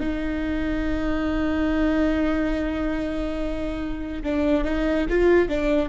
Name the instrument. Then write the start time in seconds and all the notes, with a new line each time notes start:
viola
0.00 D#4
4.23 D4
4.64 D#4
5.09 F4
5.49 D4